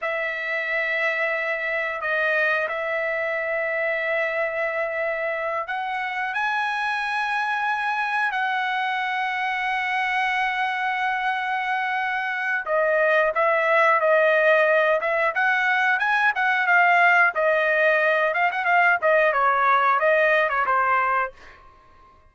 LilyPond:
\new Staff \with { instrumentName = "trumpet" } { \time 4/4 \tempo 4 = 90 e''2. dis''4 | e''1~ | e''8 fis''4 gis''2~ gis''8~ | gis''8 fis''2.~ fis''8~ |
fis''2. dis''4 | e''4 dis''4. e''8 fis''4 | gis''8 fis''8 f''4 dis''4. f''16 fis''16 | f''8 dis''8 cis''4 dis''8. cis''16 c''4 | }